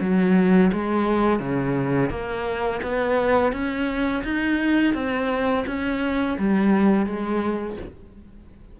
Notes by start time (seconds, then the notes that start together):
0.00 F#3
0.72 G#3
1.39 C#3
2.10 A#3
2.82 B3
3.52 C#4
4.24 D#4
4.94 C4
5.66 C#4
6.38 G3
7.06 G#3